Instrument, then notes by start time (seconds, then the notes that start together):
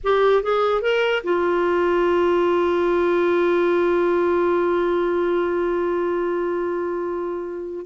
clarinet
0.03 G4
0.42 G#4
0.81 A#4
1.23 F4